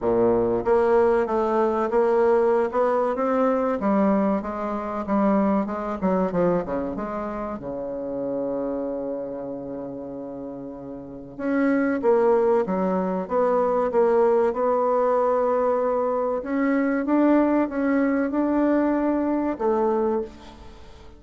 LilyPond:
\new Staff \with { instrumentName = "bassoon" } { \time 4/4 \tempo 4 = 95 ais,4 ais4 a4 ais4~ | ais16 b8. c'4 g4 gis4 | g4 gis8 fis8 f8 cis8 gis4 | cis1~ |
cis2 cis'4 ais4 | fis4 b4 ais4 b4~ | b2 cis'4 d'4 | cis'4 d'2 a4 | }